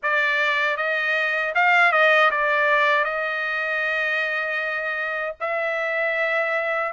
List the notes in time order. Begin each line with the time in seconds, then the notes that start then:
0.02 D5
0.77 D#5
1.55 F5
1.92 D#5
2.30 D5
3.04 D#5
5.40 E5